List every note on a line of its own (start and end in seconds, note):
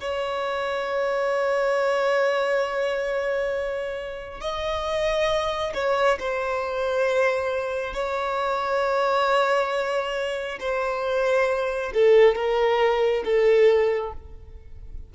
0.00 4.40 C#5
4.40 5.73 D#5
5.74 6.18 C#5
6.19 7.94 C5
7.94 10.59 C#5
10.60 11.92 C5
11.94 12.35 A4
12.35 13.24 A#4
13.25 14.13 A4